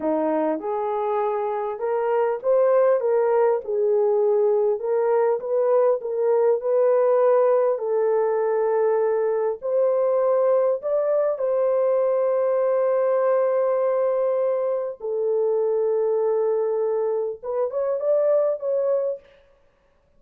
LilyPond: \new Staff \with { instrumentName = "horn" } { \time 4/4 \tempo 4 = 100 dis'4 gis'2 ais'4 | c''4 ais'4 gis'2 | ais'4 b'4 ais'4 b'4~ | b'4 a'2. |
c''2 d''4 c''4~ | c''1~ | c''4 a'2.~ | a'4 b'8 cis''8 d''4 cis''4 | }